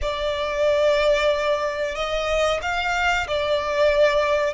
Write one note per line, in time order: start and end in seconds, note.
0.01 1.95 D5
1.95 2.60 D#5
2.62 3.27 F5
3.27 4.54 D5